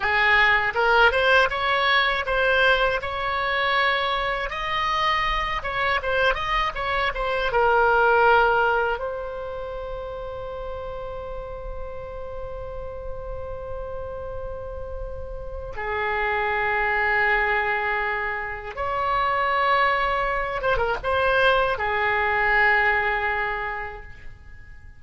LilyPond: \new Staff \with { instrumentName = "oboe" } { \time 4/4 \tempo 4 = 80 gis'4 ais'8 c''8 cis''4 c''4 | cis''2 dis''4. cis''8 | c''8 dis''8 cis''8 c''8 ais'2 | c''1~ |
c''1~ | c''4 gis'2.~ | gis'4 cis''2~ cis''8 c''16 ais'16 | c''4 gis'2. | }